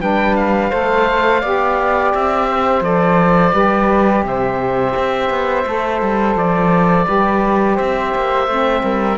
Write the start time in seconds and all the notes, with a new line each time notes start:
0.00 G3 D4 B4 G5
0.36 F5
0.70 A3 A4 C5
1.41 B3 G4 D5
2.14 C4 E5
2.50 C5
2.81 F3 A4 D5
3.52 G3 G4 B4
4.23 C3 C5 E5
4.96 C4
5.30 B3
5.66 A3 A4
6.02 G3
6.35 F3 D5
7.06 G3 G4 B4
7.76 C4 C5 E5
8.15 A#3
8.47 A3 C4
8.84 G3 A#4